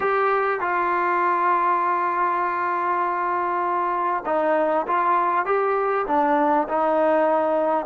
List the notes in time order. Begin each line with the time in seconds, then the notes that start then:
0.00 G4
0.60 F4
4.25 D#4
4.87 F4
5.45 G4
6.07 D4
6.68 D#4